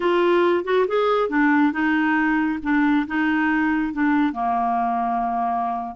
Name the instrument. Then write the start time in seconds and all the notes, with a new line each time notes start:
clarinet
0.00 F4
0.64 F#4
0.87 G#4
1.29 D4
1.72 D#4
2.62 D4
3.07 D#4
3.93 D4
4.33 A#3